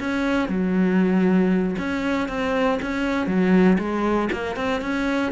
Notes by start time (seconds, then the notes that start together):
0.00 C#4
0.49 F#3
1.79 C#4
2.29 C4
2.82 C#4
3.27 F#3
3.79 G#3
4.33 A#3
4.56 C4
4.82 C#4